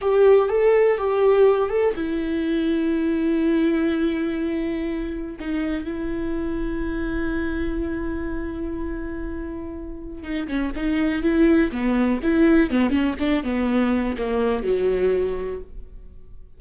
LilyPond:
\new Staff \with { instrumentName = "viola" } { \time 4/4 \tempo 4 = 123 g'4 a'4 g'4. a'8 | e'1~ | e'2. dis'4 | e'1~ |
e'1~ | e'4 dis'8 cis'8 dis'4 e'4 | b4 e'4 b8 cis'8 d'8 b8~ | b4 ais4 fis2 | }